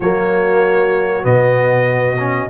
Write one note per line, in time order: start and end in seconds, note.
0.00 1.24 F#3
0.00 1.23 A#3
0.00 2.50 F#4
0.00 1.24 C#5
1.23 2.49 B2
1.23 2.17 B3
1.23 2.49 D#5
2.18 2.49 C#4